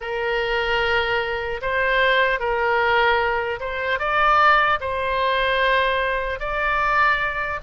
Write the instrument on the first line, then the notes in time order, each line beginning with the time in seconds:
oboe
0.00 A#4
1.61 C5
2.39 A#4
3.60 C5
3.99 D5
4.80 C5
6.39 D5